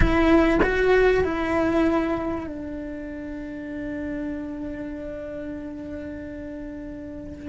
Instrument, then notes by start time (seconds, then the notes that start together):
cello
0.00 E4
0.63 F#4
1.24 E4
2.46 D4